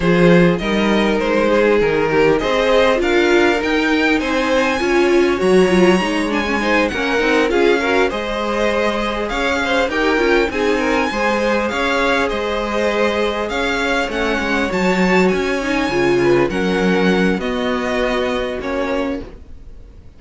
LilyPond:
<<
  \new Staff \with { instrumentName = "violin" } { \time 4/4 \tempo 4 = 100 c''4 dis''4 c''4 ais'4 | dis''4 f''4 g''4 gis''4~ | gis''4 ais''4. gis''4 fis''8~ | fis''8 f''4 dis''2 f''8~ |
f''8 g''4 gis''2 f''8~ | f''8 dis''2 f''4 fis''8~ | fis''8 a''4 gis''2 fis''8~ | fis''4 dis''2 cis''4 | }
  \new Staff \with { instrumentName = "violin" } { \time 4/4 gis'4 ais'4. gis'4 g'8 | c''4 ais'2 c''4 | cis''2. c''8 ais'8~ | ais'8 gis'8 ais'8 c''2 cis''8 |
c''8 ais'4 gis'8 ais'8 c''4 cis''8~ | cis''8 c''2 cis''4.~ | cis''2. b'8 ais'8~ | ais'4 fis'2. | }
  \new Staff \with { instrumentName = "viola" } { \time 4/4 f'4 dis'2. | gis'4 f'4 dis'2 | f'4 fis'8 f'8 dis'8 d'16 cis'16 dis'8 cis'8 | dis'8 f'8 fis'8 gis'2~ gis'8~ |
gis'8 g'8 f'8 dis'4 gis'4.~ | gis'2.~ gis'8 cis'8~ | cis'8 fis'4. dis'8 f'4 cis'8~ | cis'4 b2 cis'4 | }
  \new Staff \with { instrumentName = "cello" } { \time 4/4 f4 g4 gis4 dis4 | c'4 d'4 dis'4 c'4 | cis'4 fis4 gis4. ais8 | c'8 cis'4 gis2 cis'8~ |
cis'8 dis'8 cis'8 c'4 gis4 cis'8~ | cis'8 gis2 cis'4 a8 | gis8 fis4 cis'4 cis4 fis8~ | fis4 b2 ais4 | }
>>